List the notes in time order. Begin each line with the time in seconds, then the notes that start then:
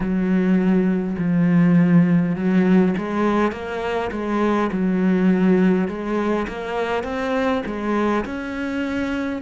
0.00 F#3
1.18 F3
2.35 F#3
2.97 G#3
3.51 A#3
4.11 G#3
4.72 F#3
5.88 G#3
6.48 A#3
7.03 C4
7.65 G#3
8.25 C#4